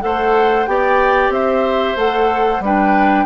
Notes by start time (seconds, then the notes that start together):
0.00 A3 A4 C5 F#5
0.65 B3 G4 D5 G5
1.29 C4 C5 E5
1.96 A3 A4 F#5
2.60 G3 D4 B4 G5